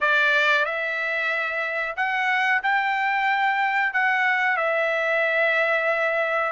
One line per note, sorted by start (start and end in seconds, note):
0.00 0.65 D5
0.65 1.95 E5
1.96 2.61 F#5
2.63 3.93 G5
3.93 4.57 F#5
4.57 6.52 E5